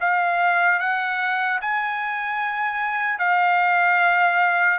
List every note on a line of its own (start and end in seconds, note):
0.00 0.79 F5
0.79 1.59 F#5
1.61 3.19 G#5
3.19 4.78 F5